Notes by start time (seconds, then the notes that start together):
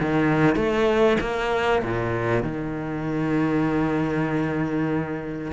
0.00 D#3
0.55 A3
1.20 A#3
1.82 A#2
2.42 D#3